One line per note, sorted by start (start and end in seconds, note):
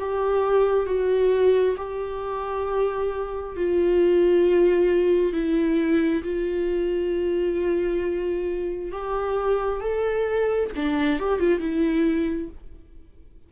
0.00 0.86 G4
0.86 1.76 F#4
1.77 3.56 G4
3.57 5.33 F4
5.33 6.23 E4
6.23 8.92 F4
8.92 9.81 G4
9.81 10.70 A4
10.76 11.19 D4
11.19 11.40 G4
11.40 11.59 F4
11.59 12.49 E4